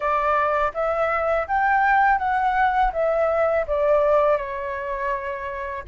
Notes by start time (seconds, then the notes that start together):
0.00 D5
0.74 E5
1.47 G5
2.18 F#5
2.92 E5
3.67 D5
4.37 C#5